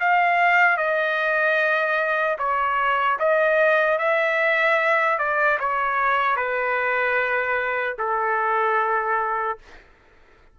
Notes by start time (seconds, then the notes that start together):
0.00 F5
0.77 D#5
2.38 C#5
3.19 D#5
3.98 E5
5.18 D5
5.59 C#5
6.36 B4
7.98 A4